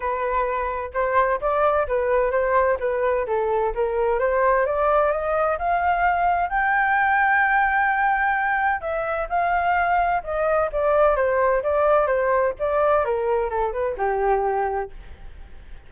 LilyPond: \new Staff \with { instrumentName = "flute" } { \time 4/4 \tempo 4 = 129 b'2 c''4 d''4 | b'4 c''4 b'4 a'4 | ais'4 c''4 d''4 dis''4 | f''2 g''2~ |
g''2. e''4 | f''2 dis''4 d''4 | c''4 d''4 c''4 d''4 | ais'4 a'8 b'8 g'2 | }